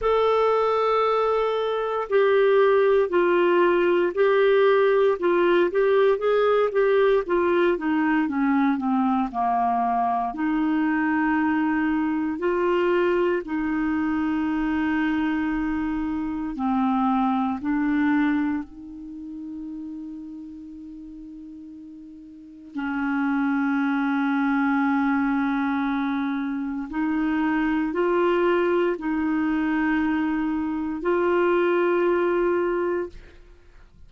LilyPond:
\new Staff \with { instrumentName = "clarinet" } { \time 4/4 \tempo 4 = 58 a'2 g'4 f'4 | g'4 f'8 g'8 gis'8 g'8 f'8 dis'8 | cis'8 c'8 ais4 dis'2 | f'4 dis'2. |
c'4 d'4 dis'2~ | dis'2 cis'2~ | cis'2 dis'4 f'4 | dis'2 f'2 | }